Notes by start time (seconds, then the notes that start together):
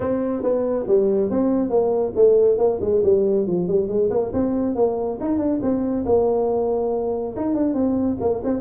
0.00 C4
0.43 B3
0.87 G3
1.30 C4
1.69 A#3
2.15 A3
2.57 A#3
2.81 G#3
3.03 G3
3.46 F3
3.67 G3
3.88 G#3
4.10 A#3
4.33 C4
4.75 A#3
5.20 D#4
5.38 D4
5.61 C4
6.05 A#3
7.36 D#4
7.54 D4
7.74 C4
8.20 A#3
8.43 C4